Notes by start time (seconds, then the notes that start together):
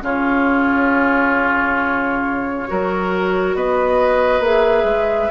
0.00 C#3 C#4 F4 C#5
2.67 F#3 F#4 A#4
3.55 B3 B4 D#5
4.40 A#3 G#4 E5
4.84 G#3